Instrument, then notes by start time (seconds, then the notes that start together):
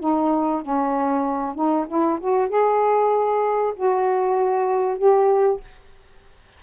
saxophone
0.00 D#4
0.62 C#4
1.55 D#4
1.88 E4
2.21 F#4
2.49 G#4
3.76 F#4
4.99 G4